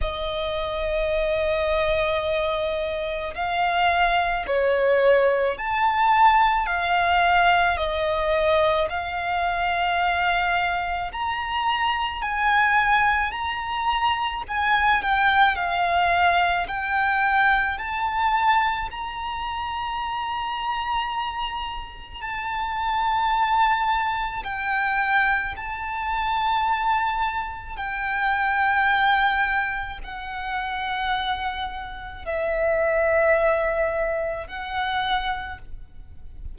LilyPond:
\new Staff \with { instrumentName = "violin" } { \time 4/4 \tempo 4 = 54 dis''2. f''4 | cis''4 a''4 f''4 dis''4 | f''2 ais''4 gis''4 | ais''4 gis''8 g''8 f''4 g''4 |
a''4 ais''2. | a''2 g''4 a''4~ | a''4 g''2 fis''4~ | fis''4 e''2 fis''4 | }